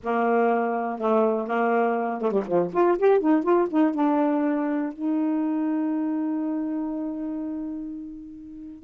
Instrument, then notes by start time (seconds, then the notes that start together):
saxophone
0.03 A#3
0.99 A3
1.47 A#3
2.21 A3
2.31 G3
2.47 F3
2.73 F4
2.98 G4
3.20 D#4
3.43 F4
3.70 D#4
3.94 D4
4.92 D#4